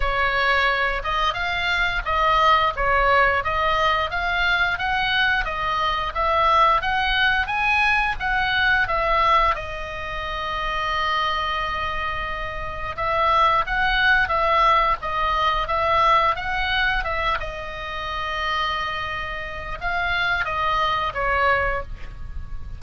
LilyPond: \new Staff \with { instrumentName = "oboe" } { \time 4/4 \tempo 4 = 88 cis''4. dis''8 f''4 dis''4 | cis''4 dis''4 f''4 fis''4 | dis''4 e''4 fis''4 gis''4 | fis''4 e''4 dis''2~ |
dis''2. e''4 | fis''4 e''4 dis''4 e''4 | fis''4 e''8 dis''2~ dis''8~ | dis''4 f''4 dis''4 cis''4 | }